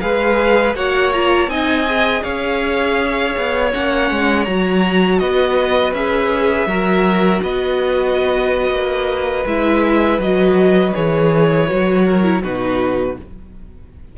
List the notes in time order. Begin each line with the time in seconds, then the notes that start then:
0.00 G#3 G#4 B4 F5
0.75 A#3 F#4 C#5 F#5
1.13 F4 A#5
1.47 C4 D#4 D#5 G#5
1.86 G#4
2.22 C#4 C#5 F5
3.37 B3
3.73 A#3 C#4 F#5
4.11 G#3
4.44 F#3 F#4 A#5
5.19 B3 B4 D#5
5.92 C#4 G#4 E5
6.66 F#3 F#4 A#4
7.42 B3 B4 D#5
8.70 A#3
9.45 G#3 E4 E5
10.18 F#3 F#4 D#5
10.94 E3 G#4 C#5
11.67 F#3 F#4
12.05 A#4
12.23 E4
12.42 B2 D#4 F#4 B4